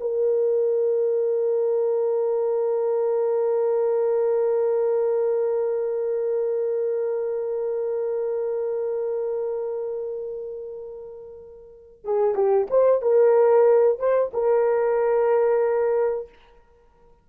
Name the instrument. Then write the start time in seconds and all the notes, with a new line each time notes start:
horn
0.00 A#4
12.04 G#4
12.35 G4
12.70 C5
13.02 A#4
13.99 C5
14.33 A#4